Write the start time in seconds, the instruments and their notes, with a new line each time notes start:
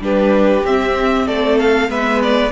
0.00 cello G3, viola D4, violin G4 B4
0.64 cello C4, viola C4, violin E5
1.27 cello A3, violin A4 D5
1.59 violin F5
1.88 cello G#3, viola B3, violin B4 E5
2.22 violin D5